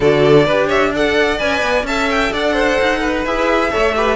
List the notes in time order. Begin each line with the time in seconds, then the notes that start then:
0.00 D3 F#4 A4 D5
0.46 D4 G4 B4
0.66 C#5 E5
0.94 A4 D5 F#5
1.38 C#4 B4 G#5
1.62 B3
1.83 C#4 A4 E5 A5
2.10 G5
2.32 D4 D5 F#5
2.52 C5
2.80 D#4
3.00 B4
3.25 E4 G#4 E5
3.71 A3 A4 C#5
3.95 G4 B4